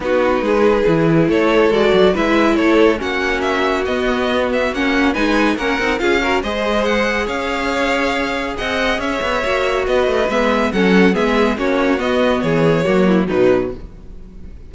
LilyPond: <<
  \new Staff \with { instrumentName = "violin" } { \time 4/4 \tempo 4 = 140 b'2. cis''4 | d''4 e''4 cis''4 fis''4 | e''4 dis''4. e''8 fis''4 | gis''4 fis''4 f''4 dis''4 |
fis''4 f''2. | fis''4 e''2 dis''4 | e''4 fis''4 e''4 cis''4 | dis''4 cis''2 b'4 | }
  \new Staff \with { instrumentName = "violin" } { \time 4/4 fis'4 gis'2 a'4~ | a'4 b'4 a'4 fis'4~ | fis'1 | b'4 ais'4 gis'8 ais'8 c''4~ |
c''4 cis''2. | dis''4 cis''2 b'4~ | b'4 a'4 gis'4 fis'4~ | fis'4 gis'4 fis'8 e'8 dis'4 | }
  \new Staff \with { instrumentName = "viola" } { \time 4/4 dis'2 e'2 | fis'4 e'2 cis'4~ | cis'4 b2 cis'4 | dis'4 cis'8 dis'8 f'8 fis'8 gis'4~ |
gis'1~ | gis'2 fis'2 | b4 cis'4 b4 cis'4 | b2 ais4 fis4 | }
  \new Staff \with { instrumentName = "cello" } { \time 4/4 b4 gis4 e4 a4 | gis8 fis8 gis4 a4 ais4~ | ais4 b2 ais4 | gis4 ais8 c'8 cis'4 gis4~ |
gis4 cis'2. | c'4 cis'8 b8 ais4 b8 a8 | gis4 fis4 gis4 ais4 | b4 e4 fis4 b,4 | }
>>